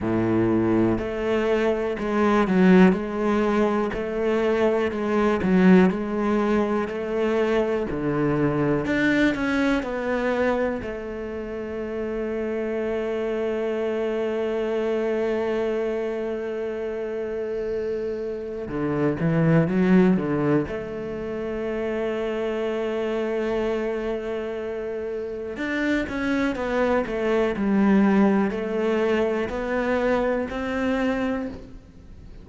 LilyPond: \new Staff \with { instrumentName = "cello" } { \time 4/4 \tempo 4 = 61 a,4 a4 gis8 fis8 gis4 | a4 gis8 fis8 gis4 a4 | d4 d'8 cis'8 b4 a4~ | a1~ |
a2. d8 e8 | fis8 d8 a2.~ | a2 d'8 cis'8 b8 a8 | g4 a4 b4 c'4 | }